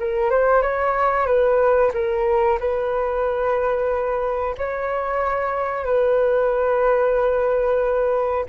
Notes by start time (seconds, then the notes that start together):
0.00 A#4
0.31 C5
0.62 C#5
1.27 B4
1.94 A#4
2.60 B4
4.58 C#5
5.85 B4